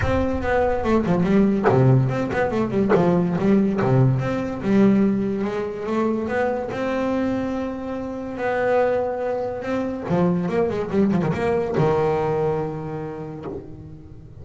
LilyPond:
\new Staff \with { instrumentName = "double bass" } { \time 4/4 \tempo 4 = 143 c'4 b4 a8 f8 g4 | c4 c'8 b8 a8 g8 f4 | g4 c4 c'4 g4~ | g4 gis4 a4 b4 |
c'1 | b2. c'4 | f4 ais8 gis8 g8 f16 dis16 ais4 | dis1 | }